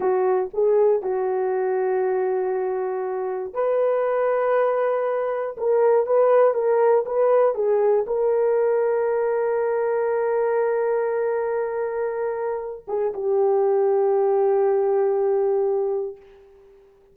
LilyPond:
\new Staff \with { instrumentName = "horn" } { \time 4/4 \tempo 4 = 119 fis'4 gis'4 fis'2~ | fis'2. b'4~ | b'2. ais'4 | b'4 ais'4 b'4 gis'4 |
ais'1~ | ais'1~ | ais'4. gis'8 g'2~ | g'1 | }